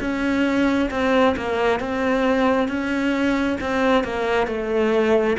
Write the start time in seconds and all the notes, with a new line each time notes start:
0.00 C#4
0.90 C4
1.36 A#3
1.80 C4
2.68 C#4
3.60 C4
4.04 A#3
4.47 A3